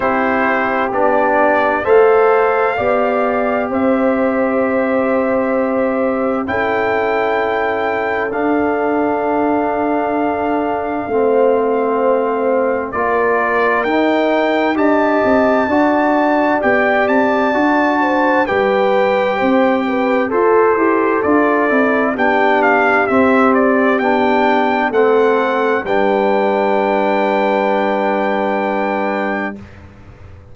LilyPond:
<<
  \new Staff \with { instrumentName = "trumpet" } { \time 4/4 \tempo 4 = 65 c''4 d''4 f''2 | e''2. g''4~ | g''4 f''2.~ | f''2 d''4 g''4 |
a''2 g''8 a''4. | g''2 c''4 d''4 | g''8 f''8 e''8 d''8 g''4 fis''4 | g''1 | }
  \new Staff \with { instrumentName = "horn" } { \time 4/4 g'2 c''4 d''4 | c''2. a'4~ | a'1 | c''2 ais'2 |
dis''4 d''2~ d''8 c''8 | b'4 c''8 b'8 a'2 | g'2. a'4 | b'1 | }
  \new Staff \with { instrumentName = "trombone" } { \time 4/4 e'4 d'4 a'4 g'4~ | g'2. e'4~ | e'4 d'2. | c'2 f'4 dis'4 |
g'4 fis'4 g'4 fis'4 | g'2 a'8 g'8 f'8 e'8 | d'4 c'4 d'4 c'4 | d'1 | }
  \new Staff \with { instrumentName = "tuba" } { \time 4/4 c'4 b4 a4 b4 | c'2. cis'4~ | cis'4 d'2. | a2 ais4 dis'4 |
d'8 c'8 d'4 b8 c'8 d'4 | g4 c'4 f'8 e'8 d'8 c'8 | b4 c'4 b4 a4 | g1 | }
>>